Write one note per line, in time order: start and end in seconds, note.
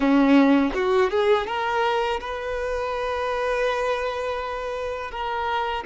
0.00 0.72 C#4
0.74 1.10 F#4
1.10 1.46 G#4
1.46 2.20 A#4
2.20 5.11 B4
5.11 5.84 A#4